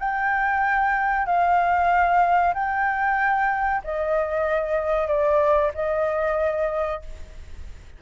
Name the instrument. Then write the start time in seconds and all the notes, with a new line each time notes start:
flute
0.00 G5
1.26 F5
2.54 G5
3.84 D#5
5.08 D5
5.74 D#5